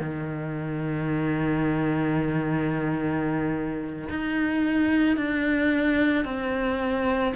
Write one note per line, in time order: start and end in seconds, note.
0.00 4.09 D#3
4.10 5.17 D#4
5.17 6.25 D4
6.25 7.34 C4